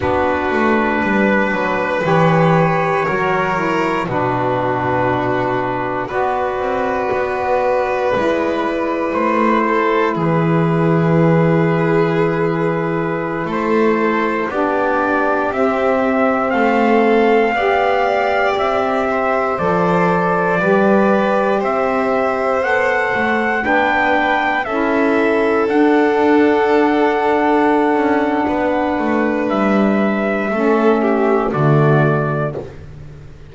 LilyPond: <<
  \new Staff \with { instrumentName = "trumpet" } { \time 4/4 \tempo 4 = 59 b'2 cis''2 | b'2 d''2~ | d''4 c''4 b'2~ | b'4~ b'16 c''4 d''4 e''8.~ |
e''16 f''2 e''4 d''8.~ | d''4~ d''16 e''4 fis''4 g''8.~ | g''16 e''4 fis''2~ fis''8.~ | fis''4 e''2 d''4 | }
  \new Staff \with { instrumentName = "violin" } { \time 4/4 fis'4 b'2 ais'4 | fis'2 b'2~ | b'4. a'8 gis'2~ | gis'4~ gis'16 a'4 g'4.~ g'16~ |
g'16 a'4 d''4. c''4~ c''16~ | c''16 b'4 c''2 b'8.~ | b'16 a'2.~ a'8. | b'2 a'8 g'8 fis'4 | }
  \new Staff \with { instrumentName = "saxophone" } { \time 4/4 d'2 g'4 fis'8 e'8 | d'2 fis'2 | e'1~ | e'2~ e'16 d'4 c'8.~ |
c'4~ c'16 g'2 a'8.~ | a'16 g'2 a'4 d'8.~ | d'16 e'4 d'2~ d'8.~ | d'2 cis'4 a4 | }
  \new Staff \with { instrumentName = "double bass" } { \time 4/4 b8 a8 g8 fis8 e4 fis4 | b,2 b8 c'8 b4 | gis4 a4 e2~ | e4~ e16 a4 b4 c'8.~ |
c'16 a4 b4 c'4 f8.~ | f16 g4 c'4 b8 a8 b8.~ | b16 cis'4 d'2~ d'16 cis'8 | b8 a8 g4 a4 d4 | }
>>